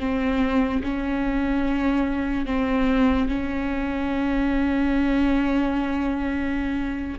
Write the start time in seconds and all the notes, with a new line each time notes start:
0.00 C4
0.84 C#4
2.47 C4
3.29 C#4